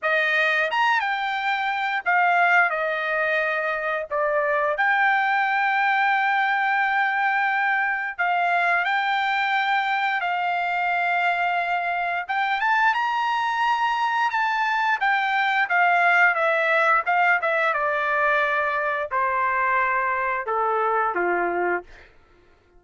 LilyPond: \new Staff \with { instrumentName = "trumpet" } { \time 4/4 \tempo 4 = 88 dis''4 ais''8 g''4. f''4 | dis''2 d''4 g''4~ | g''1 | f''4 g''2 f''4~ |
f''2 g''8 a''8 ais''4~ | ais''4 a''4 g''4 f''4 | e''4 f''8 e''8 d''2 | c''2 a'4 f'4 | }